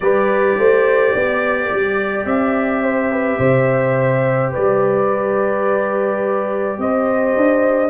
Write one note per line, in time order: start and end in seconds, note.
0.00 0.57 G3
0.00 7.89 G4
0.00 0.58 B4
0.00 2.26 D5
0.57 1.14 A3
0.57 1.13 C5
1.13 1.71 B3
1.13 2.83 D5
1.71 2.25 G3
2.25 3.38 C4
2.25 4.52 E5
2.83 3.11 C5
3.12 3.39 B4
3.38 4.51 C3
3.38 4.51 C5
4.51 6.78 G3
4.51 6.77 B4
4.51 6.80 D5
6.78 7.34 C4
6.78 7.89 C5
6.78 7.89 D#5
7.36 7.89 D4